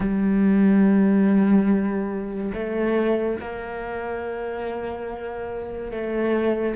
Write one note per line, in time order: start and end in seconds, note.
0.00 2.52 G3
2.54 3.38 A3
3.40 5.91 A#3
5.91 6.75 A3